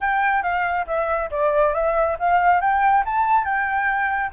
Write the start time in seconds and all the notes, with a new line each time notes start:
0.00 G5
0.42 F5
0.86 E5
1.30 D5
1.74 E5
2.19 F5
2.61 G5
3.05 A5
3.44 G5